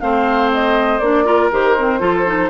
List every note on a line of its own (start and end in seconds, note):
0.00 1.00 A3
0.00 1.01 C4
0.00 1.25 C5
0.00 0.50 F5
0.53 0.99 D#5
0.99 1.50 A#3
0.99 1.25 D4
0.99 1.49 D5
1.25 1.50 F4
1.25 2.00 A#4
1.51 2.00 D#3
1.51 1.77 G4
1.51 2.50 C5
1.78 2.00 C4
2.00 2.50 F3
2.00 2.25 F4
2.00 2.50 A4
2.26 2.50 D#4